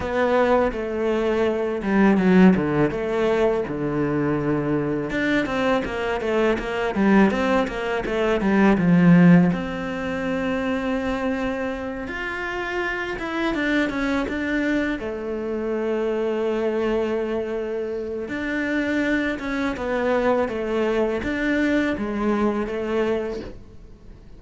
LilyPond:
\new Staff \with { instrumentName = "cello" } { \time 4/4 \tempo 4 = 82 b4 a4. g8 fis8 d8 | a4 d2 d'8 c'8 | ais8 a8 ais8 g8 c'8 ais8 a8 g8 | f4 c'2.~ |
c'8 f'4. e'8 d'8 cis'8 d'8~ | d'8 a2.~ a8~ | a4 d'4. cis'8 b4 | a4 d'4 gis4 a4 | }